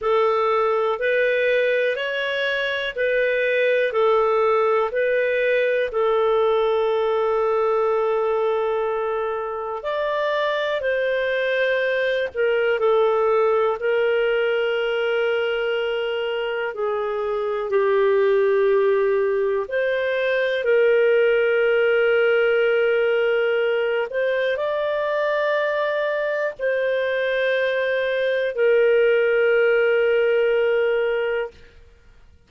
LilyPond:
\new Staff \with { instrumentName = "clarinet" } { \time 4/4 \tempo 4 = 61 a'4 b'4 cis''4 b'4 | a'4 b'4 a'2~ | a'2 d''4 c''4~ | c''8 ais'8 a'4 ais'2~ |
ais'4 gis'4 g'2 | c''4 ais'2.~ | ais'8 c''8 d''2 c''4~ | c''4 ais'2. | }